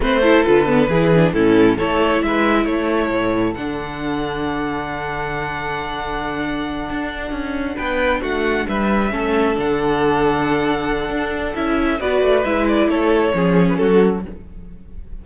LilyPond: <<
  \new Staff \with { instrumentName = "violin" } { \time 4/4 \tempo 4 = 135 c''4 b'2 a'4 | cis''4 e''4 cis''2 | fis''1~ | fis''1~ |
fis''4. g''4 fis''4 e''8~ | e''4. fis''2~ fis''8~ | fis''2 e''4 d''4 | e''8 d''8 cis''4.~ cis''16 b'16 a'4 | }
  \new Staff \with { instrumentName = "violin" } { \time 4/4 b'8 a'4. gis'4 e'4 | a'4 b'4 a'2~ | a'1~ | a'1~ |
a'4. b'4 fis'4 b'8~ | b'8 a'2.~ a'8~ | a'2. b'4~ | b'4 a'4 gis'4 fis'4 | }
  \new Staff \with { instrumentName = "viola" } { \time 4/4 c'8 e'8 f'8 b8 e'8 d'8 cis'4 | e'1 | d'1~ | d'1~ |
d'1~ | d'8 cis'4 d'2~ d'8~ | d'2 e'4 fis'4 | e'2 cis'2 | }
  \new Staff \with { instrumentName = "cello" } { \time 4/4 a4 d4 e4 a,4 | a4 gis4 a4 a,4 | d1~ | d2.~ d8 d'8~ |
d'8 cis'4 b4 a4 g8~ | g8 a4 d2~ d8~ | d4 d'4 cis'4 b8 a8 | gis4 a4 f4 fis4 | }
>>